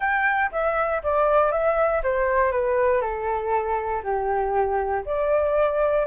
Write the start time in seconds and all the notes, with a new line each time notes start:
0.00 G5
0.51 E5
1.03 D5
1.51 E5
2.03 C5
2.51 B4
3.01 A4
4.03 G4
5.05 D5